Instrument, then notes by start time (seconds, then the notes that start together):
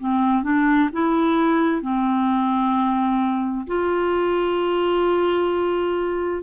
clarinet
0.00 C4
0.44 D4
0.93 E4
1.83 C4
3.68 F4